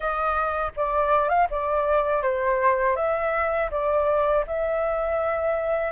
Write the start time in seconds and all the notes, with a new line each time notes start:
0.00 D#5
0.76 D5
1.28 F5
1.50 D5
2.22 C5
2.96 E5
3.70 D5
4.46 E5